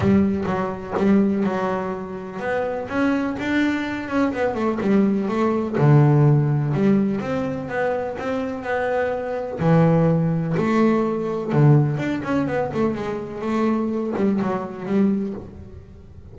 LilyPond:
\new Staff \with { instrumentName = "double bass" } { \time 4/4 \tempo 4 = 125 g4 fis4 g4 fis4~ | fis4 b4 cis'4 d'4~ | d'8 cis'8 b8 a8 g4 a4 | d2 g4 c'4 |
b4 c'4 b2 | e2 a2 | d4 d'8 cis'8 b8 a8 gis4 | a4. g8 fis4 g4 | }